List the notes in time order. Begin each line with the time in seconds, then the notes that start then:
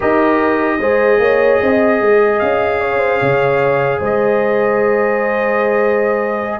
0.00 D#4 G4 A#4 D#5
0.79 G#3 G#4 C5
1.19 A#3 C#5
1.61 C4 D#5
2.01 G#3
2.39 C#4 F5
2.80 C#5
2.98 C5
3.18 C#3 C#5
3.99 G#3 C5 D#5